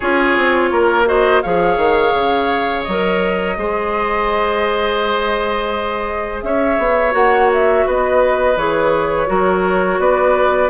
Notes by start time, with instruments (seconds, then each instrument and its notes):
0.00 bassoon C#4, clarinet F4, oboe G#4, flute C#5
0.37 bassoon C4
0.71 bassoon A#3, oboe A#4
1.05 clarinet F#4, oboe C5, flute D#5
1.41 bassoon F3, clarinet G#4, oboe C#5, flute F5
1.77 bassoon D#3
2.14 bassoon C#3
2.83 bassoon F#3, flute D#5
2.89 clarinet A#4
3.56 bassoon G#3, clarinet G#4, oboe C5
6.42 bassoon C#4, oboe C#5, flute E5
6.78 bassoon B3
7.11 bassoon A#3, clarinet F#4, flute F#5
7.53 flute E5
7.86 bassoon B3, oboe B4, flute D#5
8.56 bassoon E3, clarinet G#4, flute C#5
9.26 bassoon F#3, clarinet F#4, oboe A#4
9.98 bassoon B3, oboe B4, flute D5